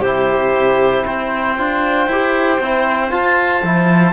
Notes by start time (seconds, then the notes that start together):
0.00 C3 E4 G4 C5
1.04 C4 C5 G5
1.58 D4 F4
2.07 E4 G4
2.60 C4 E4
3.10 F4 A5
3.63 F3 E4